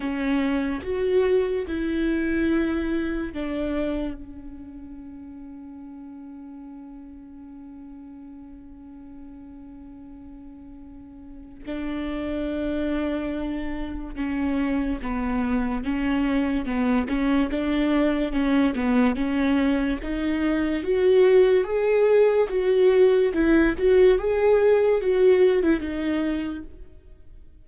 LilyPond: \new Staff \with { instrumentName = "viola" } { \time 4/4 \tempo 4 = 72 cis'4 fis'4 e'2 | d'4 cis'2.~ | cis'1~ | cis'2 d'2~ |
d'4 cis'4 b4 cis'4 | b8 cis'8 d'4 cis'8 b8 cis'4 | dis'4 fis'4 gis'4 fis'4 | e'8 fis'8 gis'4 fis'8. e'16 dis'4 | }